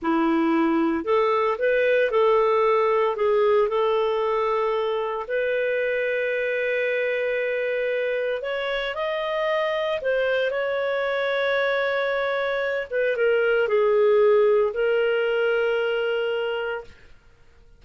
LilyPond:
\new Staff \with { instrumentName = "clarinet" } { \time 4/4 \tempo 4 = 114 e'2 a'4 b'4 | a'2 gis'4 a'4~ | a'2 b'2~ | b'1 |
cis''4 dis''2 c''4 | cis''1~ | cis''8 b'8 ais'4 gis'2 | ais'1 | }